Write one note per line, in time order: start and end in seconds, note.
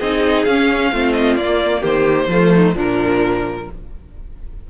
0.00 0.46 C4
0.00 0.48 D#4
0.00 0.92 G#4
0.00 0.45 D#5
0.45 0.92 C#4
0.45 0.94 C#4
0.45 1.13 F5
0.92 1.37 A3
0.92 1.39 C4
0.92 1.81 F4
1.13 1.36 D#5
1.37 1.83 A#3
1.37 2.31 A#3
1.37 1.83 D5
1.81 2.28 D#3
1.81 2.27 G4
1.81 2.76 C5
2.28 2.74 F3
2.28 2.75 A3
2.28 2.54 F4
2.55 2.75 D#4
2.75 3.66 A#2
2.75 3.67 F3
2.75 3.67 D4
2.75 3.71 A#4